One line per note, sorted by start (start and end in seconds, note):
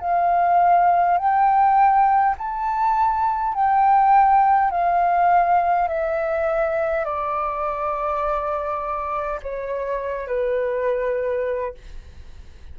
0.00 1.18 F5
1.18 2.35 G5
2.38 3.54 A5
3.54 4.71 G5
4.71 5.88 F5
5.88 7.05 E5
7.05 9.40 D5
9.42 10.27 C#5
10.27 11.74 B4